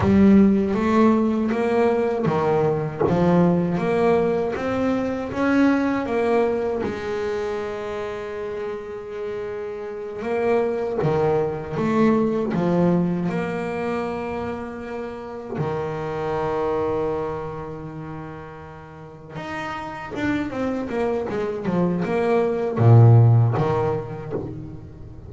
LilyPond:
\new Staff \with { instrumentName = "double bass" } { \time 4/4 \tempo 4 = 79 g4 a4 ais4 dis4 | f4 ais4 c'4 cis'4 | ais4 gis2.~ | gis4. ais4 dis4 a8~ |
a8 f4 ais2~ ais8~ | ais8 dis2.~ dis8~ | dis4. dis'4 d'8 c'8 ais8 | gis8 f8 ais4 ais,4 dis4 | }